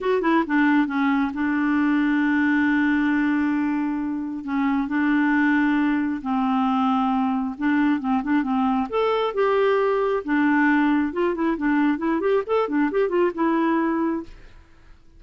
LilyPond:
\new Staff \with { instrumentName = "clarinet" } { \time 4/4 \tempo 4 = 135 fis'8 e'8 d'4 cis'4 d'4~ | d'1~ | d'2 cis'4 d'4~ | d'2 c'2~ |
c'4 d'4 c'8 d'8 c'4 | a'4 g'2 d'4~ | d'4 f'8 e'8 d'4 e'8 g'8 | a'8 d'8 g'8 f'8 e'2 | }